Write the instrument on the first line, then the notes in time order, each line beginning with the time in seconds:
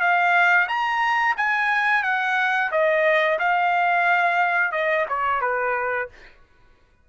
trumpet
0.00 F5
0.68 A#5
1.37 G#5
2.03 F#5
2.71 D#5
3.39 F5
4.72 D#5
5.08 C#5
5.41 B4